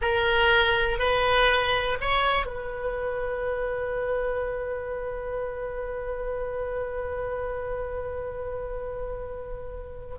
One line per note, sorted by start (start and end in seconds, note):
0.01 0.98 A#4
0.98 1.97 B4
2.00 2.46 C#5
2.46 10.14 B4